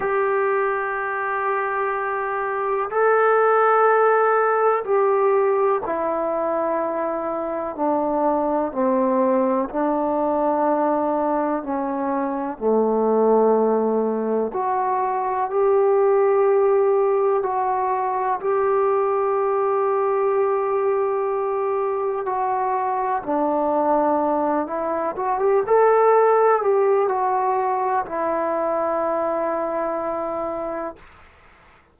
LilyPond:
\new Staff \with { instrumentName = "trombone" } { \time 4/4 \tempo 4 = 62 g'2. a'4~ | a'4 g'4 e'2 | d'4 c'4 d'2 | cis'4 a2 fis'4 |
g'2 fis'4 g'4~ | g'2. fis'4 | d'4. e'8 fis'16 g'16 a'4 g'8 | fis'4 e'2. | }